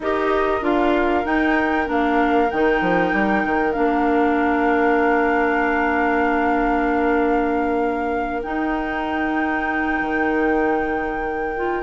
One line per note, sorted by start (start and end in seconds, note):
0.00 0.61 D#4
0.00 0.61 G4
0.00 11.83 A#4
0.00 0.63 D#5
0.61 1.24 D4
0.61 1.24 F4
0.61 1.25 F5
1.24 1.86 D#4
1.24 1.87 D#4
1.24 1.88 G5
1.86 2.50 A#3
1.86 2.48 D4
1.86 2.50 F5
2.50 2.81 D#3
2.50 3.72 D#4
2.50 3.72 G5
2.81 3.12 F3
3.12 3.43 G3
3.44 3.76 D#3
3.72 8.45 A#3
3.72 8.41 D4
3.72 8.41 F5
8.42 11.55 D#4
8.42 10.00 D#4
8.42 11.83 G5
10.00 11.83 D#3
11.56 11.83 F4